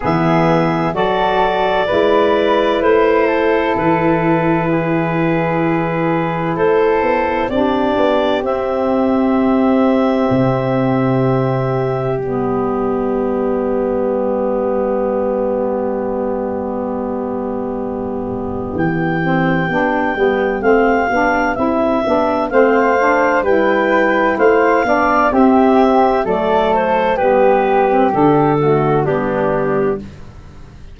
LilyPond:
<<
  \new Staff \with { instrumentName = "clarinet" } { \time 4/4 \tempo 4 = 64 e''4 d''2 c''4 | b'2. c''4 | d''4 e''2.~ | e''4 d''2.~ |
d''1 | g''2 f''4 e''4 | f''4 g''4 f''4 e''4 | d''8 c''8 b'4 a'4 g'4 | }
  \new Staff \with { instrumentName = "flute" } { \time 4/4 gis'4 a'4 b'4. a'8~ | a'4 gis'2 a'4 | g'1~ | g'1~ |
g'1~ | g'1 | c''4 b'4 c''8 d''8 g'4 | a'4 g'4. fis'8 d'4 | }
  \new Staff \with { instrumentName = "saxophone" } { \time 4/4 b4 fis'4 e'2~ | e'1 | d'4 c'2.~ | c'4 b2.~ |
b1~ | b8 c'8 d'8 b8 c'8 d'8 e'8 d'8 | c'8 d'8 e'4. d'8 c'4 | a4 b8. c'16 d'8 a8 b4 | }
  \new Staff \with { instrumentName = "tuba" } { \time 4/4 e4 fis4 gis4 a4 | e2. a8 b8 | c'8 b8 c'2 c4~ | c4 g2.~ |
g1 | e4 b8 g8 a8 b8 c'8 b8 | a4 g4 a8 b8 c'4 | fis4 g4 d4 g4 | }
>>